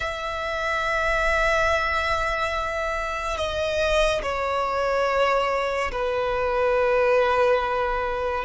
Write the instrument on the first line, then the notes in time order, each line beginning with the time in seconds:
violin
0.00 E5
3.36 D#5
4.22 C#5
5.91 B4